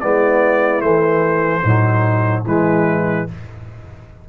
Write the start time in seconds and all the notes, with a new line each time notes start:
0.00 G#3 B3 E4 D5
0.81 E3 A3 C5
1.61 A2 F#3 D#4
2.44 E3 G#3 E4 B4